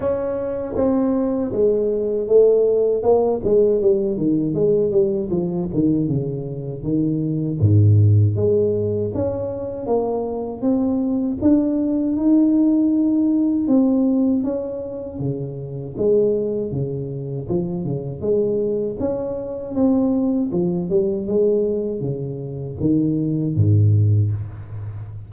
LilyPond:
\new Staff \with { instrumentName = "tuba" } { \time 4/4 \tempo 4 = 79 cis'4 c'4 gis4 a4 | ais8 gis8 g8 dis8 gis8 g8 f8 dis8 | cis4 dis4 gis,4 gis4 | cis'4 ais4 c'4 d'4 |
dis'2 c'4 cis'4 | cis4 gis4 cis4 f8 cis8 | gis4 cis'4 c'4 f8 g8 | gis4 cis4 dis4 gis,4 | }